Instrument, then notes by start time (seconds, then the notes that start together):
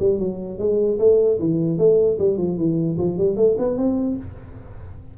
tuba
0.00 G3
0.19 F#3
0.59 G#3
0.99 A3
1.40 E3
1.78 A3
2.19 G3
2.38 F3
2.58 E3
2.98 F3
3.18 G3
3.37 A3
3.59 B3
3.77 C4